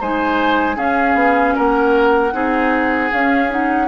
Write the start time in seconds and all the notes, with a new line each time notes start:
0.00 G#3 D#4 C5 G#5
0.75 C#4 G#4 F5
1.14 B3
1.55 A#3 A#4 F#5
2.32 C4 D#4 G#4
3.12 C#4 F5
3.50 D#4 F#5